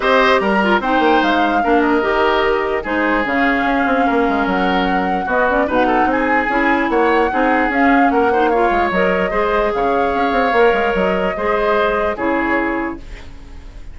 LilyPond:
<<
  \new Staff \with { instrumentName = "flute" } { \time 4/4 \tempo 4 = 148 dis''4 ais''4 g''4 f''4~ | f''8 dis''2~ dis''8 c''4 | f''2. fis''4~ | fis''4 dis''8 d''8 fis''4 gis''4~ |
gis''4 fis''2 f''4 | fis''4 f''4 dis''2 | f''2. dis''4~ | dis''2 cis''2 | }
  \new Staff \with { instrumentName = "oboe" } { \time 4/4 c''4 ais'4 c''2 | ais'2. gis'4~ | gis'2 ais'2~ | ais'4 fis'4 b'8 a'8 gis'4~ |
gis'4 cis''4 gis'2 | ais'8 c''8 cis''2 c''4 | cis''1 | c''2 gis'2 | }
  \new Staff \with { instrumentName = "clarinet" } { \time 4/4 g'4. f'8 dis'2 | d'4 g'2 dis'4 | cis'1~ | cis'4 b8 cis'8 dis'2 |
e'2 dis'4 cis'4~ | cis'8 dis'8 f'4 ais'4 gis'4~ | gis'2 ais'2 | gis'2 e'2 | }
  \new Staff \with { instrumentName = "bassoon" } { \time 4/4 c'4 g4 c'8 ais8 gis4 | ais4 dis2 gis4 | cis4 cis'8 c'8 ais8 gis8 fis4~ | fis4 b4 b,4 c'4 |
cis'4 ais4 c'4 cis'4 | ais4. gis8 fis4 gis4 | cis4 cis'8 c'8 ais8 gis8 fis4 | gis2 cis2 | }
>>